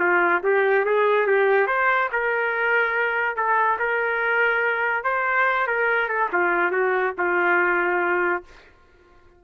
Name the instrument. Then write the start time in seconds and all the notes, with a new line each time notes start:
trumpet
0.00 F4
0.44 G4
0.85 G#4
1.27 G4
1.67 C5
2.12 A#4
3.37 A4
3.79 A#4
5.04 C5
5.68 A#4
6.09 A4
6.33 F4
6.72 F#4
7.18 F4